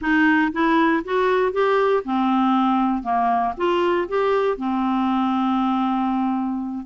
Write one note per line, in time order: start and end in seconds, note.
0.01 0.52 D#4
0.52 1.03 E4
1.04 1.52 F#4
1.52 2.03 G4
2.04 3.03 C4
3.03 3.53 A#3
3.57 4.07 F4
4.08 4.57 G4
4.57 6.86 C4